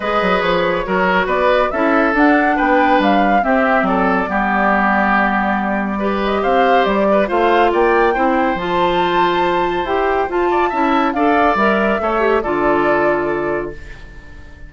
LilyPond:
<<
  \new Staff \with { instrumentName = "flute" } { \time 4/4 \tempo 4 = 140 dis''4 cis''2 d''4 | e''4 fis''4 g''4 f''4 | e''4 d''2.~ | d''2~ d''8 dis''8 f''4 |
d''4 f''4 g''2 | a''2. g''4 | a''2 f''4 e''4~ | e''4 d''2. | }
  \new Staff \with { instrumentName = "oboe" } { \time 4/4 b'2 ais'4 b'4 | a'2 b'2 | g'4 a'4 g'2~ | g'2 b'4 c''4~ |
c''8 b'8 c''4 d''4 c''4~ | c''1~ | c''8 d''8 e''4 d''2 | cis''4 a'2. | }
  \new Staff \with { instrumentName = "clarinet" } { \time 4/4 gis'2 fis'2 | e'4 d'2. | c'2 b2~ | b2 g'2~ |
g'4 f'2 e'4 | f'2. g'4 | f'4 e'4 a'4 ais'4 | a'8 g'8 f'2. | }
  \new Staff \with { instrumentName = "bassoon" } { \time 4/4 gis8 fis8 f4 fis4 b4 | cis'4 d'4 b4 g4 | c'4 fis4 g2~ | g2. c'4 |
g4 a4 ais4 c'4 | f2. e'4 | f'4 cis'4 d'4 g4 | a4 d2. | }
>>